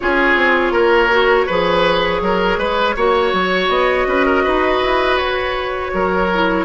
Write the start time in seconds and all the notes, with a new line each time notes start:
0.00 C#4 F4 G#4 C#5
0.35 C4
0.70 A#3 A#4
1.10 F#4
1.46 F3 G#4 B4
2.21 F#3 A#4
2.57 G#3 B4
2.96 A#3 F#4 C#5
3.32 F#3
3.68 B3 D#5
4.06 C#4 B4
4.26 A#4
4.43 D#4 B4
4.81 E4
5.17 F#4 C#5
5.93 F#3 A#4
6.33 E4